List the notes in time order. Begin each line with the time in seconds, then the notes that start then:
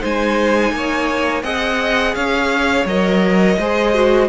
0.00 G#3 D#4 C5 G#5
0.72 A#3 C#5
1.43 C4 G#4 D#5 F#5
2.15 C#4 C#5 F5
2.85 F#3 A#4 D#5
3.58 G#3 G#4 C5
3.94 F#4